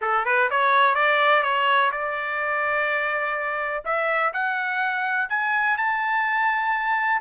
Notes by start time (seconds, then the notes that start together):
0.01 A4
0.25 B4
0.50 C#5
0.94 D5
1.42 C#5
1.91 D5
3.84 E5
4.33 F#5
5.29 G#5
5.77 A5